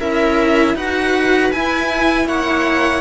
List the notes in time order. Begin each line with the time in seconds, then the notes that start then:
0.00 C#4 E4 A#4 E5
0.75 D#4 F#4 B4 F#5
1.52 E4 G#5
2.25 A#3 C#5 F#5